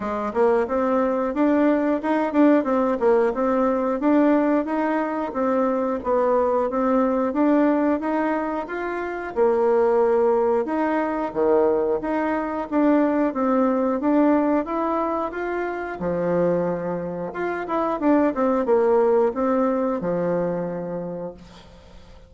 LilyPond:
\new Staff \with { instrumentName = "bassoon" } { \time 4/4 \tempo 4 = 90 gis8 ais8 c'4 d'4 dis'8 d'8 | c'8 ais8 c'4 d'4 dis'4 | c'4 b4 c'4 d'4 | dis'4 f'4 ais2 |
dis'4 dis4 dis'4 d'4 | c'4 d'4 e'4 f'4 | f2 f'8 e'8 d'8 c'8 | ais4 c'4 f2 | }